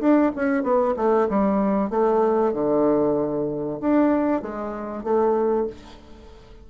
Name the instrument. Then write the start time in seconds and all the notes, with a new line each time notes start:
bassoon
0.00 D4
0.36 C#4
0.63 B3
0.97 A3
1.29 G3
1.90 A3
2.53 D3
3.81 D4
4.42 G#3
5.04 A3